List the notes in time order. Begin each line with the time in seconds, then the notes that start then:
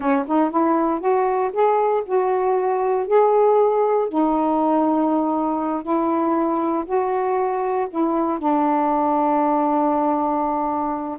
0.00 C#4
0.27 D#4
0.50 E4
1.00 F#4
1.53 G#4
2.05 F#4
3.07 G#4
4.08 D#4
5.82 E4
6.85 F#4
7.90 E4
8.38 D4